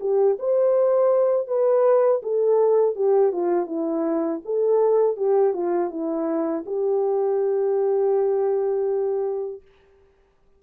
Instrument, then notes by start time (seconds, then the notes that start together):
horn
0.00 G4
0.39 C5
1.47 B4
2.23 A4
2.95 G4
3.32 F4
3.66 E4
4.45 A4
5.16 G4
5.53 F4
5.90 E4
6.65 G4